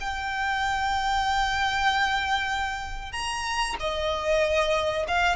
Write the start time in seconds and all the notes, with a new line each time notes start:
0.00 G5
3.12 A#5
3.80 D#5
5.08 F5